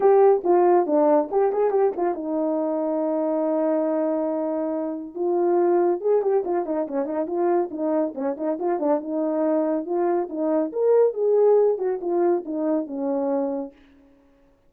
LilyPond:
\new Staff \with { instrumentName = "horn" } { \time 4/4 \tempo 4 = 140 g'4 f'4 d'4 g'8 gis'8 | g'8 f'8 dis'2.~ | dis'1 | f'2 gis'8 g'8 f'8 dis'8 |
cis'8 dis'8 f'4 dis'4 cis'8 dis'8 | f'8 d'8 dis'2 f'4 | dis'4 ais'4 gis'4. fis'8 | f'4 dis'4 cis'2 | }